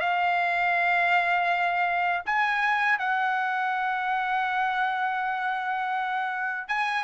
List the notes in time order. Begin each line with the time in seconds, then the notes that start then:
0.00 F5
2.26 G#5
2.98 F#5
6.68 G#5